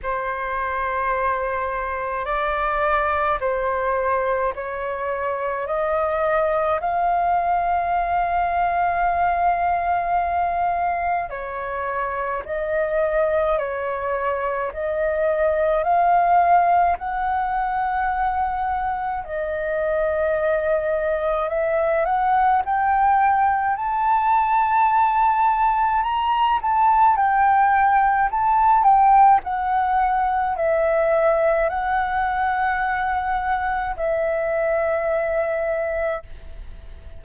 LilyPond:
\new Staff \with { instrumentName = "flute" } { \time 4/4 \tempo 4 = 53 c''2 d''4 c''4 | cis''4 dis''4 f''2~ | f''2 cis''4 dis''4 | cis''4 dis''4 f''4 fis''4~ |
fis''4 dis''2 e''8 fis''8 | g''4 a''2 ais''8 a''8 | g''4 a''8 g''8 fis''4 e''4 | fis''2 e''2 | }